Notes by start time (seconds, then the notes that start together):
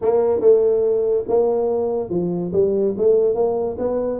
0.01 A#3
0.40 A3
1.28 A#3
2.09 F3
2.52 G3
2.97 A3
3.34 A#3
3.78 B3